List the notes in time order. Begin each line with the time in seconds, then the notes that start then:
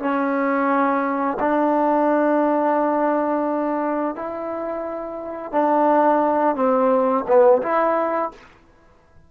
0.00 C#4
1.40 D4
4.16 E4
5.52 D4
6.56 C4
7.28 B3
7.62 E4